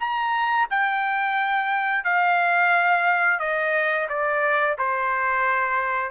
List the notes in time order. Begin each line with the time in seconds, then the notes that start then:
0.00 A#5
0.70 G5
2.05 F5
3.40 D#5
4.09 D5
4.79 C5